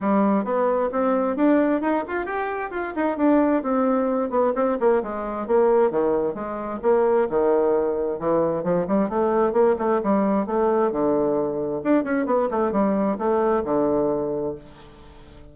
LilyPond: \new Staff \with { instrumentName = "bassoon" } { \time 4/4 \tempo 4 = 132 g4 b4 c'4 d'4 | dis'8 f'8 g'4 f'8 dis'8 d'4 | c'4. b8 c'8 ais8 gis4 | ais4 dis4 gis4 ais4 |
dis2 e4 f8 g8 | a4 ais8 a8 g4 a4 | d2 d'8 cis'8 b8 a8 | g4 a4 d2 | }